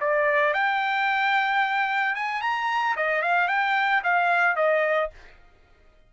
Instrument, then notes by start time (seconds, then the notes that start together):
trumpet
0.00 D5
0.54 G5
2.15 G#5
2.41 A#5
2.96 D#5
3.22 F5
3.48 G5
4.03 F5
4.56 D#5